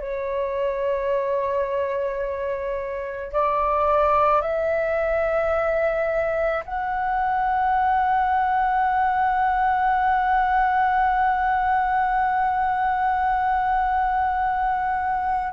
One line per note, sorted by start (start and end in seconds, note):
0.00 3.33 C#5
3.33 4.42 D5
4.42 6.64 E5
6.65 15.53 F#5